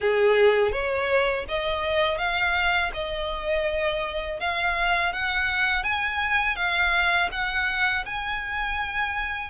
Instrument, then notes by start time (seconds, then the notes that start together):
violin
0.00 G#4
0.72 C#5
1.48 D#5
2.18 F5
2.93 D#5
4.40 F5
5.13 F#5
5.83 G#5
6.56 F5
7.31 F#5
8.05 G#5